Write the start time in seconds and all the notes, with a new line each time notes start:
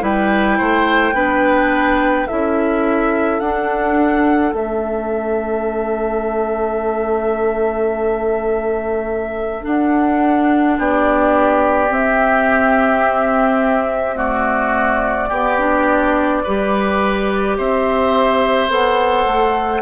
0.00 G3 E4 B4 G5
0.58 A3 C5
1.13 B3 D4 B4
2.27 C#4 E4 A4 E5
3.40 D4 F#5
4.52 A3 C#4 E5
9.62 D4 F#5
10.78 B3 G4 D5
11.89 C4 E5
14.15 A3 F#4 D5
15.28 B3 G4
15.58 D4
16.43 G3 G4 B4
17.57 C4 C5 E5
18.68 B3 A4 F#5
19.25 A3